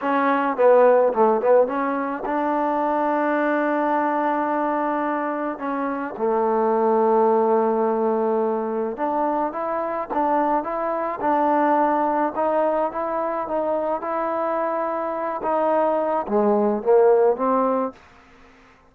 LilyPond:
\new Staff \with { instrumentName = "trombone" } { \time 4/4 \tempo 4 = 107 cis'4 b4 a8 b8 cis'4 | d'1~ | d'2 cis'4 a4~ | a1 |
d'4 e'4 d'4 e'4 | d'2 dis'4 e'4 | dis'4 e'2~ e'8 dis'8~ | dis'4 gis4 ais4 c'4 | }